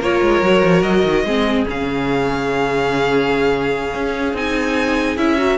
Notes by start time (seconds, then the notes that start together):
0.00 A#3 F4 A#4 C#5
0.21 G#3
0.41 F#3 F#4
0.63 F3
0.82 F#3 D#5
1.04 D#3
1.24 G#3 C4 G#4
1.65 C#3 C#4 F5
3.94 C#4
4.34 C4 D#4 G#5
5.17 C#4 E4 E5
5.37 F#4 A#4